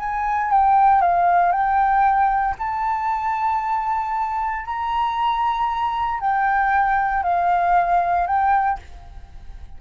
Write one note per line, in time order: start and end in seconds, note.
0.00 0.51 G#5
0.51 1.02 G5
1.02 1.52 F5
1.52 2.56 G5
2.59 4.66 A5
4.66 6.21 A#5
6.21 7.24 G5
7.24 8.27 F5
8.27 8.79 G5